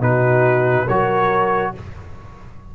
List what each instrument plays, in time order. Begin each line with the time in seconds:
0.00 tuba B2, trombone D#4, horn F#4, trumpet B4
0.87 tuba F#3, trombone F#4, horn A#4, trumpet C#5